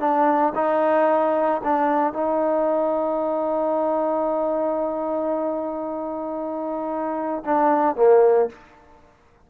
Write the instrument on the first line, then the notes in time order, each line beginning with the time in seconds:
trombone
0.00 D4
0.55 D#4
1.64 D4
2.13 D#4
7.45 D4
7.96 A#3